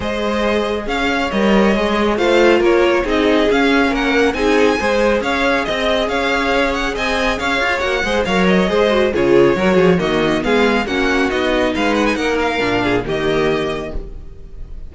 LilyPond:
<<
  \new Staff \with { instrumentName = "violin" } { \time 4/4 \tempo 4 = 138 dis''2 f''4 dis''4~ | dis''4 f''4 cis''4 dis''4 | f''4 fis''4 gis''2 | f''4 dis''4 f''4. fis''8 |
gis''4 f''4 fis''4 f''8 dis''8~ | dis''4 cis''2 dis''4 | f''4 fis''4 dis''4 f''8 fis''16 gis''16 | fis''8 f''4. dis''2 | }
  \new Staff \with { instrumentName = "violin" } { \time 4/4 c''2 cis''2~ | cis''4 c''4 ais'4 gis'4~ | gis'4 ais'4 gis'4 c''4 | cis''4 dis''4 cis''2 |
dis''4 cis''4. c''8 cis''4 | c''4 gis'4 ais'8 gis'8 fis'4 | gis'4 fis'2 b'4 | ais'4. gis'8 g'2 | }
  \new Staff \with { instrumentName = "viola" } { \time 4/4 gis'2. ais'4 | gis'4 f'2 dis'4 | cis'2 dis'4 gis'4~ | gis'1~ |
gis'2 fis'8 gis'8 ais'4 | gis'8 fis'8 f'4 fis'4 ais4 | b4 cis'4 dis'2~ | dis'4 d'4 ais2 | }
  \new Staff \with { instrumentName = "cello" } { \time 4/4 gis2 cis'4 g4 | gis4 a4 ais4 c'4 | cis'4 ais4 c'4 gis4 | cis'4 c'4 cis'2 |
c'4 cis'8 f'8 ais8 gis8 fis4 | gis4 cis4 fis8 f8 dis4 | gis4 ais4 b4 gis4 | ais4 ais,4 dis2 | }
>>